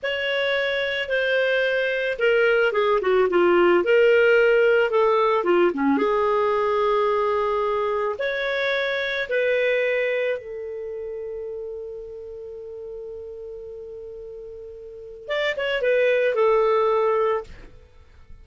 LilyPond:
\new Staff \with { instrumentName = "clarinet" } { \time 4/4 \tempo 4 = 110 cis''2 c''2 | ais'4 gis'8 fis'8 f'4 ais'4~ | ais'4 a'4 f'8 cis'8 gis'4~ | gis'2. cis''4~ |
cis''4 b'2 a'4~ | a'1~ | a'1 | d''8 cis''8 b'4 a'2 | }